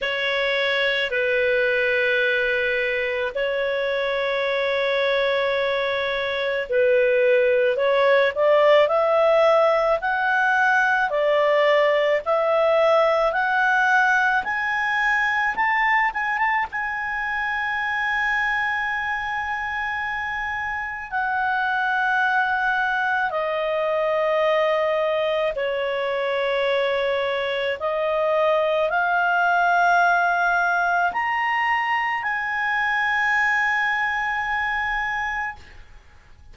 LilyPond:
\new Staff \with { instrumentName = "clarinet" } { \time 4/4 \tempo 4 = 54 cis''4 b'2 cis''4~ | cis''2 b'4 cis''8 d''8 | e''4 fis''4 d''4 e''4 | fis''4 gis''4 a''8 gis''16 a''16 gis''4~ |
gis''2. fis''4~ | fis''4 dis''2 cis''4~ | cis''4 dis''4 f''2 | ais''4 gis''2. | }